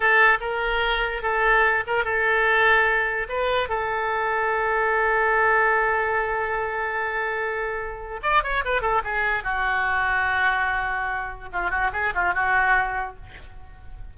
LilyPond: \new Staff \with { instrumentName = "oboe" } { \time 4/4 \tempo 4 = 146 a'4 ais'2 a'4~ | a'8 ais'8 a'2. | b'4 a'2.~ | a'1~ |
a'1 | d''8 cis''8 b'8 a'8 gis'4 fis'4~ | fis'1 | f'8 fis'8 gis'8 f'8 fis'2 | }